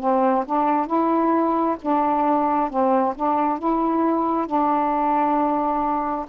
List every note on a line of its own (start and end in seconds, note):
0.00 0.45 C4
0.46 0.87 D4
0.87 1.76 E4
1.82 2.69 D4
2.69 3.14 C4
3.16 3.59 D4
3.59 4.47 E4
4.47 6.26 D4